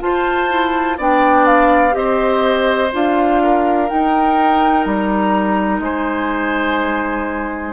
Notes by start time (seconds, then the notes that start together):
0.00 F4 C5 A5
0.49 E4
0.98 B3 D4 D5 G5
1.47 F5
1.92 C4 G4 D#5
1.98 C5
2.93 D4 F4 F5
3.44 A#4
3.89 D#4 G5
4.85 G3 A#5
5.80 G#3 C5 G#5